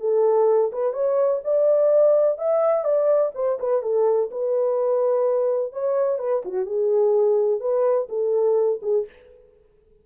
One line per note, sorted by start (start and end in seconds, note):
0.00 0.71 A4
0.72 0.93 B4
0.93 1.40 C#5
1.44 2.38 D5
2.38 2.84 E5
2.84 3.32 D5
3.35 3.59 C5
3.59 3.82 B4
3.82 4.30 A4
4.31 5.73 B4
5.73 6.19 C#5
6.19 6.42 B4
6.45 6.66 F#4
6.66 7.60 G#4
7.60 8.08 B4
8.09 8.80 A4
8.82 9.06 G#4